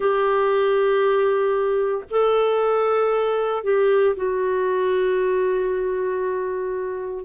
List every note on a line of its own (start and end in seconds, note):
0.00 2.04 G4
2.10 3.63 A4
3.63 4.15 G4
4.16 7.24 F#4